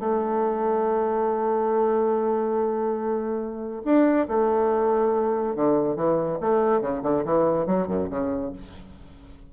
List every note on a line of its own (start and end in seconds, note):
0.00 3.83 A3
3.85 4.28 D4
4.28 5.56 A3
5.56 5.97 D3
5.97 6.39 E3
6.41 6.82 A3
6.82 7.03 C#3
7.03 7.24 D3
7.25 7.67 E3
7.67 7.88 F#3
7.88 8.09 F#2
8.10 8.53 C#3